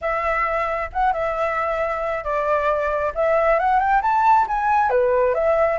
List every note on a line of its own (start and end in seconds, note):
0.01 0.89 E5
0.92 1.13 F#5
1.13 2.23 E5
2.23 3.12 D5
3.14 3.59 E5
3.59 3.79 F#5
3.79 4.01 G5
4.02 4.46 A5
4.47 4.89 G#5
4.89 5.34 B4
5.34 5.79 E5